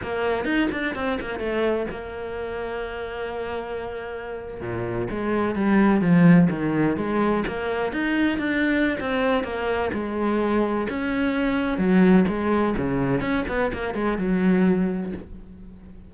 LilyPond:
\new Staff \with { instrumentName = "cello" } { \time 4/4 \tempo 4 = 127 ais4 dis'8 d'8 c'8 ais8 a4 | ais1~ | ais4.~ ais16 ais,4 gis4 g16~ | g8. f4 dis4 gis4 ais16~ |
ais8. dis'4 d'4~ d'16 c'4 | ais4 gis2 cis'4~ | cis'4 fis4 gis4 cis4 | cis'8 b8 ais8 gis8 fis2 | }